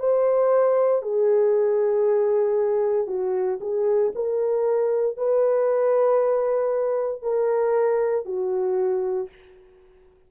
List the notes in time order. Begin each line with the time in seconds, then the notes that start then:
0.00 C5
1.03 G#4
3.08 F#4
3.61 G#4
4.15 A#4
5.17 B4
7.23 A#4
8.26 F#4